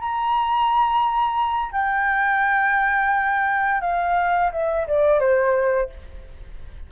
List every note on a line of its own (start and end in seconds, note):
0.00 1.72 A#5
1.72 3.81 G5
3.81 4.51 F5
4.52 4.87 E5
4.87 5.20 D5
5.20 5.90 C5